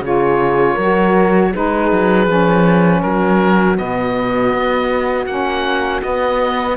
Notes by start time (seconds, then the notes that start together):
0.00 C#3 F4 G#4 C#5
0.74 F#3 F#4 A#4
1.50 G#3 D#4 G#4 B4
1.91 F#3
2.26 F3 C#4
3.02 F#3 F#4 A#4
3.75 B2 B3 D#5
4.53 B3
5.26 A#3 C#4 F#5
6.02 B3 D#5